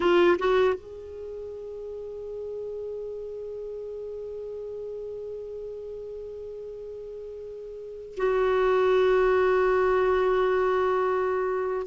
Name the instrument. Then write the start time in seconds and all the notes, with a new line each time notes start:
clarinet
0.00 F4
0.38 F#4
0.74 G#4
8.16 F#4